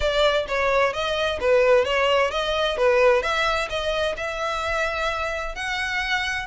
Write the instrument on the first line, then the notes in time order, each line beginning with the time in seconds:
violin
0.00 D5
0.48 C#5
0.93 D#5
1.40 B4
1.85 C#5
2.31 D#5
2.77 B4
3.22 E5
3.69 D#5
4.16 E5
5.55 F#5